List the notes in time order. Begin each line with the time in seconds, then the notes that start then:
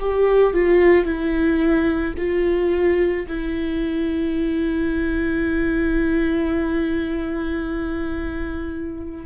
0.00 G4
0.54 F4
1.05 E4
2.18 F4
3.28 E4